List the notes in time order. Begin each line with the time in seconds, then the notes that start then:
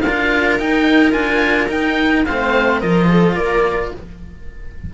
0.00 D4 A#4 F5
0.07 F4
0.59 D#4 G5
1.11 D4 F4 G#5
1.68 D#4 G5
2.25 A3 C4 C5 F5
2.80 F3 F4 A#4 D#5
3.08 A4
3.34 A#3 A#4 D5